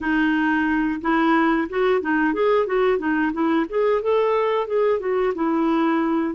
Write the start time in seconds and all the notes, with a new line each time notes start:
0.00 D#4
1.01 E4
1.68 F#4
2.01 D#4
2.33 G#4
2.66 F#4
2.98 D#4
3.32 E4
3.69 G#4
4.02 A4
4.67 G#4
4.99 F#4
5.34 E4